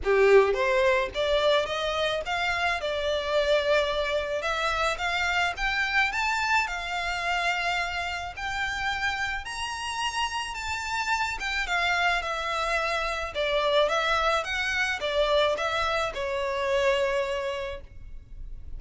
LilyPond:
\new Staff \with { instrumentName = "violin" } { \time 4/4 \tempo 4 = 108 g'4 c''4 d''4 dis''4 | f''4 d''2. | e''4 f''4 g''4 a''4 | f''2. g''4~ |
g''4 ais''2 a''4~ | a''8 g''8 f''4 e''2 | d''4 e''4 fis''4 d''4 | e''4 cis''2. | }